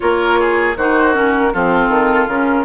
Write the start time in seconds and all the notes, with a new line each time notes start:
0.00 A#3 F4 A#4 C#5
0.40 G#4
0.76 D#3 D#4 F#4 C5
1.13 C#4 A#4
1.53 F3 C4 F4 A4
1.88 D#3
2.27 C#3 C#4 A#4